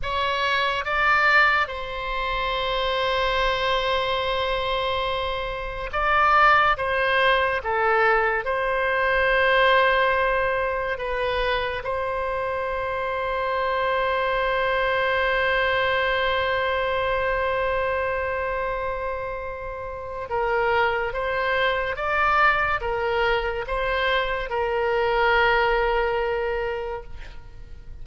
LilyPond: \new Staff \with { instrumentName = "oboe" } { \time 4/4 \tempo 4 = 71 cis''4 d''4 c''2~ | c''2. d''4 | c''4 a'4 c''2~ | c''4 b'4 c''2~ |
c''1~ | c''1 | ais'4 c''4 d''4 ais'4 | c''4 ais'2. | }